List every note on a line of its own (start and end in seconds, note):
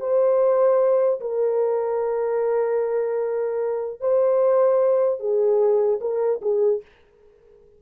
0.00 1.20 C5
1.20 4.00 A#4
4.00 5.19 C5
5.19 5.99 G#4
6.01 6.41 A#4
6.41 6.81 G#4